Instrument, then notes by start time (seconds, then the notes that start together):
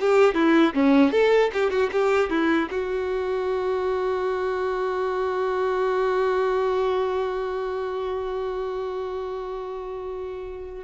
violin
0.00 G4
0.35 E4
0.75 C#4
1.12 A4
1.53 G4
1.71 F#4
1.92 G4
2.30 E4
2.71 F#4